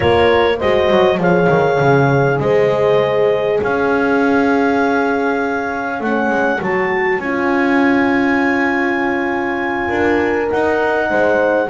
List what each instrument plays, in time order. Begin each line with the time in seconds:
0.00 double bass A#3, horn F4 A#4, clarinet C#5
0.57 double bass G#3, horn F#4 C5, clarinet D#5
0.90 double bass F#3
1.17 double bass F3, horn G#4 C#5, clarinet F5
1.49 double bass D#3
1.80 double bass C#3
2.39 double bass G#3, horn C5, clarinet D#5
3.61 double bass C#4, horn C#5, clarinet F5
6.00 double bass A3, horn C#4, clarinet F#5
6.29 double bass G#3
6.61 double bass F#3, horn F#4, clarinet A5
7.18 double bass C#4, horn F4, clarinet G#5
9.88 double bass D4, horn A#4
10.48 horn D#4, double bass D#4, clarinet F#5
11.09 double bass G#3, horn C5